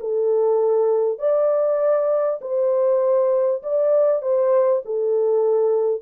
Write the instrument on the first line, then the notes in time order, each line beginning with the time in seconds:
horn
0.00 A4
1.18 D5
2.41 C5
3.63 D5
4.22 C5
4.85 A4